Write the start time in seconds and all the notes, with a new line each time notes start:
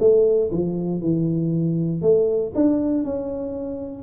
0.00 A3
0.51 F3
1.01 E3
2.02 A3
2.55 D4
3.04 C#4